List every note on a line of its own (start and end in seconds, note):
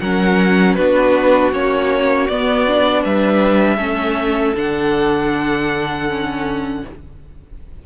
0.00 0.77 F#3
0.00 0.78 C#4
0.00 0.76 A#4
0.00 0.75 F#5
0.75 1.52 B3
0.75 1.52 D4
0.75 3.02 F#4
0.75 1.51 B4
1.52 2.28 A#3
1.52 2.28 C#4
1.52 2.27 C#5
2.27 3.04 B3
2.27 2.67 B3
2.27 3.03 D5
2.67 3.78 D4
3.02 3.77 G3
3.02 3.76 B4
3.02 4.56 E5
3.76 4.53 A3
3.76 4.54 C#4
3.76 6.80 A4
4.56 6.84 D3
4.56 6.08 D4
4.56 6.86 F#5
6.09 6.85 C#4